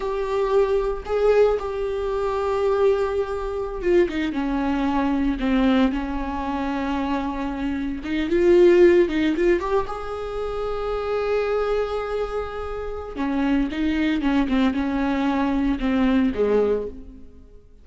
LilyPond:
\new Staff \with { instrumentName = "viola" } { \time 4/4 \tempo 4 = 114 g'2 gis'4 g'4~ | g'2.~ g'16 f'8 dis'16~ | dis'16 cis'2 c'4 cis'8.~ | cis'2.~ cis'16 dis'8 f'16~ |
f'4~ f'16 dis'8 f'8 g'8 gis'4~ gis'16~ | gis'1~ | gis'4 cis'4 dis'4 cis'8 c'8 | cis'2 c'4 gis4 | }